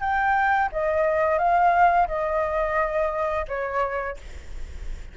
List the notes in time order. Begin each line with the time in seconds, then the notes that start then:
0.00 G5
0.72 D#5
1.38 F5
2.07 D#5
3.48 C#5